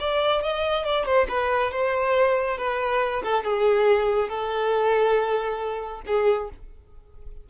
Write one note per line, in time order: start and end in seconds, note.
0.00 0.43 D5
0.43 0.85 D#5
0.85 1.06 D5
1.06 1.27 C5
1.29 1.72 B4
1.72 2.58 C5
2.58 3.23 B4
3.24 3.44 A4
3.44 4.29 G#4
4.29 6.02 A4
6.07 6.50 G#4